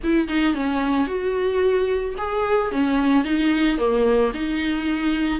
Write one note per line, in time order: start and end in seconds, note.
0.03 0.28 E4
0.28 0.54 D#4
0.54 1.07 C#4
1.07 2.15 F#4
2.17 2.71 G#4
2.71 3.24 C#4
3.24 3.78 D#4
3.78 4.32 A#3
4.33 5.40 D#4